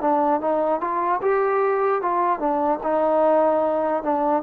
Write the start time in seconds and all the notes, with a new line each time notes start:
0.00 D4
0.40 D#4
0.80 F4
1.21 G4
2.01 F4
2.39 D4
2.83 D#4
4.03 D4